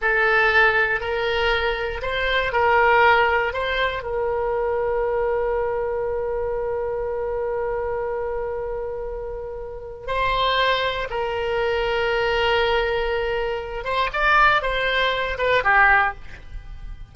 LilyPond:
\new Staff \with { instrumentName = "oboe" } { \time 4/4 \tempo 4 = 119 a'2 ais'2 | c''4 ais'2 c''4 | ais'1~ | ais'1~ |
ais'1 | c''2 ais'2~ | ais'2.~ ais'8 c''8 | d''4 c''4. b'8 g'4 | }